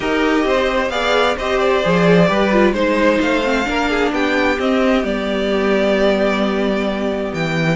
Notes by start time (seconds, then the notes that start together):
0.00 D#4 G4 A#4 D#5
0.44 C4 C5
0.89 B3 G#4 D5 F5
1.36 C4 G4 C5 D#5
1.59 D5
1.83 F3 G#4
2.27 G3 G4 B4
2.52 F4
2.72 G#3 D#4 C5
3.20 A3 F5
3.43 C4
3.64 A#3 D4 A#4
3.89 G#4
4.12 B3 G4 G5
4.59 C4 D#5
5.03 G3 B3 D5
7.33 E3 G5